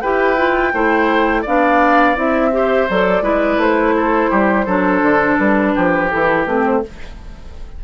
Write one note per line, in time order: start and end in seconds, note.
0.00 0.73 E4
0.00 0.37 G4
0.00 0.73 B4
0.00 1.43 G5
0.37 0.73 F4
0.73 1.45 A3
0.73 1.45 E4
0.73 1.42 C5
1.42 2.17 B3
1.42 2.16 D4
1.42 2.49 D5
1.42 2.18 F5
2.16 2.88 C4
2.16 2.51 E4
2.16 2.90 E5
2.52 2.87 G4
2.52 3.23 C5
2.90 3.22 F#3
2.90 3.23 A4
2.90 3.61 D5
3.22 3.57 G#3
3.22 4.66 E4
3.22 3.94 B4
3.57 4.29 A3
3.57 5.38 C5
3.97 4.30 A4
4.30 4.67 G3
4.30 4.65 G4
4.65 5.02 F#3
4.65 6.10 D4
4.65 5.73 A4
5.02 5.37 D3
5.38 5.75 G3
5.38 6.09 B4
5.75 6.12 F3
5.75 6.82 G4
6.10 6.46 E3
6.10 6.47 E4
6.10 6.46 A4
6.46 6.82 A3
6.46 6.83 C4
6.46 6.64 B4
6.66 6.84 C5